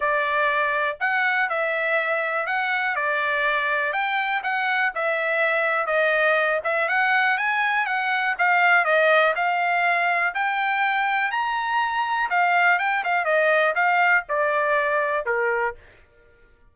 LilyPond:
\new Staff \with { instrumentName = "trumpet" } { \time 4/4 \tempo 4 = 122 d''2 fis''4 e''4~ | e''4 fis''4 d''2 | g''4 fis''4 e''2 | dis''4. e''8 fis''4 gis''4 |
fis''4 f''4 dis''4 f''4~ | f''4 g''2 ais''4~ | ais''4 f''4 g''8 f''8 dis''4 | f''4 d''2 ais'4 | }